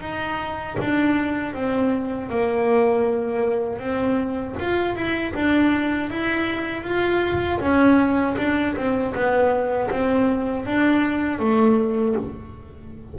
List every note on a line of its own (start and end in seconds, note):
0.00 0.76 D#4
0.79 1.54 D4
1.54 2.29 C4
2.29 3.79 A#3
3.79 4.55 C4
4.59 4.95 F4
4.95 5.33 E4
5.34 6.10 D4
6.10 6.83 E4
6.83 7.59 F4
7.60 8.36 C#4
8.37 8.75 D4
8.76 9.14 C4
9.14 9.90 B3
9.90 10.66 C4
10.66 11.39 D4
11.39 12.15 A3